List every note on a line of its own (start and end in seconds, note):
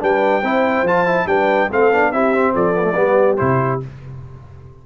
0.00 0.43 G3
0.00 0.42 D4
0.00 0.42 B4
0.00 0.88 G5
0.42 0.83 C4
0.42 0.86 E4
0.42 1.27 C5
0.83 1.25 F3
0.83 1.06 F4
0.83 1.28 A5
1.06 1.27 E4
1.26 1.69 G3
1.26 1.70 D4
1.26 1.70 B4
1.26 1.70 G5
1.70 1.91 A3
1.70 1.92 C4
1.70 2.12 A4
1.70 2.12 F5
1.91 2.13 B3
1.91 2.13 D4
2.12 2.55 C4
2.12 2.34 E4
2.12 2.54 G4
2.12 2.54 E5
2.34 2.75 C4
2.54 2.96 F3
2.54 2.96 A4
2.54 3.37 D5
2.75 2.83 B3
2.83 2.93 A3
2.96 3.38 G3
2.96 3.38 B3
3.02 3.87 G4
3.37 3.83 C3
3.37 3.80 E4
3.37 3.80 C5